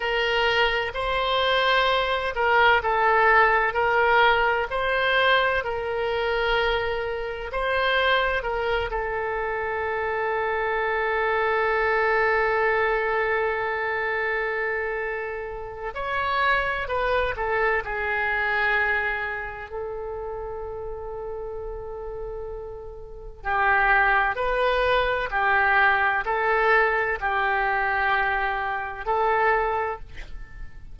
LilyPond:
\new Staff \with { instrumentName = "oboe" } { \time 4/4 \tempo 4 = 64 ais'4 c''4. ais'8 a'4 | ais'4 c''4 ais'2 | c''4 ais'8 a'2~ a'8~ | a'1~ |
a'4 cis''4 b'8 a'8 gis'4~ | gis'4 a'2.~ | a'4 g'4 b'4 g'4 | a'4 g'2 a'4 | }